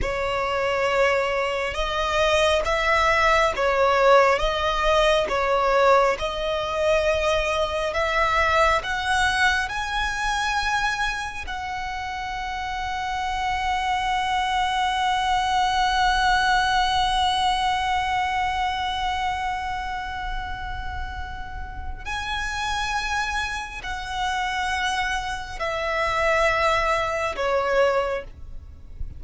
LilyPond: \new Staff \with { instrumentName = "violin" } { \time 4/4 \tempo 4 = 68 cis''2 dis''4 e''4 | cis''4 dis''4 cis''4 dis''4~ | dis''4 e''4 fis''4 gis''4~ | gis''4 fis''2.~ |
fis''1~ | fis''1~ | fis''4 gis''2 fis''4~ | fis''4 e''2 cis''4 | }